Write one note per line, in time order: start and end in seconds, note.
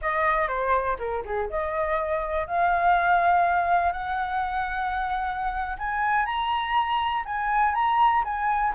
0.01 0.48 D#5
0.48 0.97 C5
0.99 1.23 A#4
1.25 1.49 G#4
1.50 2.47 D#5
2.47 3.92 F5
3.92 5.77 F#5
5.78 6.25 G#5
6.25 7.24 A#5
7.25 7.74 G#5
7.74 8.23 A#5
8.24 8.73 G#5